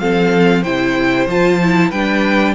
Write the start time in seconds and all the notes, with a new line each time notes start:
0.00 F3 C4 A4 F5
0.62 C3 E4 C5 G5
1.28 F3 F4 A5
1.63 E4
1.90 G3 D4 B4 G5